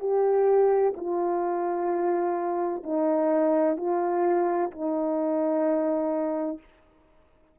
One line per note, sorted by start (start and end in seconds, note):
0.00 0.94 G4
0.97 2.84 F4
2.84 3.78 D#4
3.78 4.71 F4
4.71 6.59 D#4